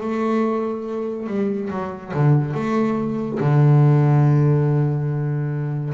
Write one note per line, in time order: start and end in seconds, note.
0.00 1.27 A3
1.27 1.69 G3
1.70 2.12 F#3
2.13 2.54 D3
2.54 3.38 A3
3.40 5.93 D3